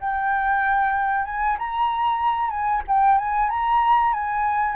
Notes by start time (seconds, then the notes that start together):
0.00 G5
1.25 G#5
1.58 A#5
2.50 G#5
2.88 G5
3.18 G#5
3.50 A#5
4.13 G#5